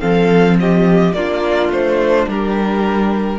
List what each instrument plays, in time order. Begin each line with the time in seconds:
0.00 cello F3, viola C4, violin A4 F5
0.60 violin G4 D#5
1.13 cello A#3, viola D4, violin F4 D5
1.70 cello A3, violin C5
2.27 cello G3, violin G4 A#4